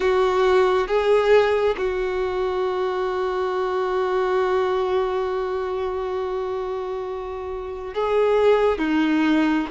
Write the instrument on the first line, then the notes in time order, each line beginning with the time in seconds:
violin
0.00 F#4
0.87 G#4
1.77 F#4
7.94 G#4
8.78 D#4